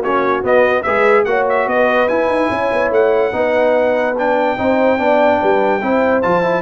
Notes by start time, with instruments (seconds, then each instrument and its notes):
0.00 tuba A#3, trombone C#4, horn F#4, trumpet C#5
0.43 trombone B3, tuba B3, trumpet D#5
0.82 tuba G#3, trombone G#4, horn B4, trumpet E5
1.24 tuba A#3, trombone F#4, horn C#5, trumpet F#5
1.49 trumpet E5
1.66 tuba B3, horn B4, trumpet D#5
2.08 trombone E4, tuba E4, trumpet G#5
2.28 tuba D#4
2.50 tuba C#4, horn C#5
2.72 tuba B3
2.91 tuba A3, trumpet F#5
3.32 tuba B3, trombone D#4, horn B4
4.17 trombone D4, trumpet G5
4.57 tuba C4, trombone D#4, horn C5
4.98 tuba B3, trombone D4, horn D5
5.39 tuba G3, horn B4
5.82 tuba C4, trombone E4, horn C5
6.22 tuba F3, trombone F4, trumpet A5
6.43 trombone E4